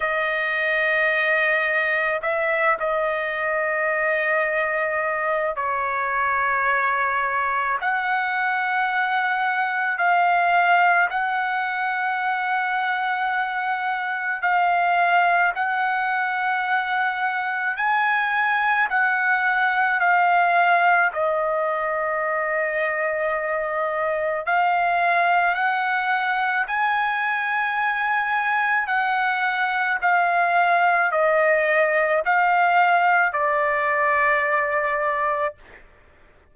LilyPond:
\new Staff \with { instrumentName = "trumpet" } { \time 4/4 \tempo 4 = 54 dis''2 e''8 dis''4.~ | dis''4 cis''2 fis''4~ | fis''4 f''4 fis''2~ | fis''4 f''4 fis''2 |
gis''4 fis''4 f''4 dis''4~ | dis''2 f''4 fis''4 | gis''2 fis''4 f''4 | dis''4 f''4 d''2 | }